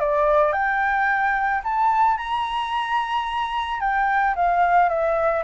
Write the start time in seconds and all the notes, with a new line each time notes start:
0.00 D5
0.53 G5
1.64 A5
2.17 A#5
3.80 G5
4.36 F5
4.89 E5